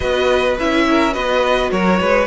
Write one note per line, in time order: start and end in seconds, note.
0.00 0.58 B3
0.00 0.58 F#4
0.00 0.86 B4
0.00 0.57 D#5
0.59 1.16 C#4
0.59 1.11 E4
0.59 1.13 E5
0.89 1.13 A#4
1.11 1.71 B3
1.11 2.26 F#4
1.11 1.70 B4
1.11 1.70 D#5
1.71 2.00 F#3
1.71 2.00 A#4
1.71 2.27 C#5
2.00 2.27 G#3
2.00 2.27 B4